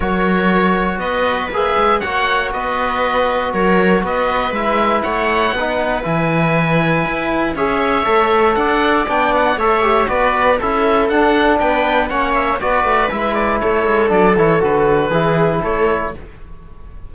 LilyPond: <<
  \new Staff \with { instrumentName = "oboe" } { \time 4/4 \tempo 4 = 119 cis''2 dis''4 e''4 | fis''4 dis''2 cis''4 | dis''4 e''4 fis''2 | gis''2. e''4~ |
e''4 fis''4 g''8 fis''8 e''4 | d''4 e''4 fis''4 g''4 | fis''8 e''8 d''4 e''8 d''8 cis''4 | d''8 cis''8 b'2 cis''4 | }
  \new Staff \with { instrumentName = "viola" } { \time 4/4 ais'2 b'2 | cis''4 b'2 ais'4 | b'2 cis''4 b'4~ | b'2. cis''4~ |
cis''4 d''2 cis''4 | b'4 a'2 b'4 | cis''4 b'2 a'4~ | a'2 gis'4 a'4 | }
  \new Staff \with { instrumentName = "trombone" } { \time 4/4 fis'2. gis'4 | fis'1~ | fis'4 e'2 dis'4 | e'2. gis'4 |
a'2 d'4 a'8 g'8 | fis'4 e'4 d'2 | cis'4 fis'4 e'2 | d'8 e'8 fis'4 e'2 | }
  \new Staff \with { instrumentName = "cello" } { \time 4/4 fis2 b4 ais8 gis8 | ais4 b2 fis4 | b4 gis4 a4 b4 | e2 e'4 cis'4 |
a4 d'4 b4 a4 | b4 cis'4 d'4 b4 | ais4 b8 a8 gis4 a8 gis8 | fis8 e8 d4 e4 a4 | }
>>